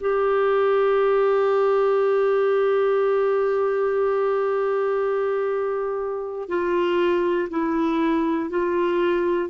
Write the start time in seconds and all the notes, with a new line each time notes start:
0.00 G4
6.48 F4
7.50 E4
8.49 F4